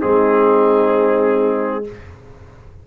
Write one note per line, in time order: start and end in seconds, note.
0.00 1.88 G#3
0.00 1.85 C4
0.00 1.84 D#4
0.00 1.85 G#4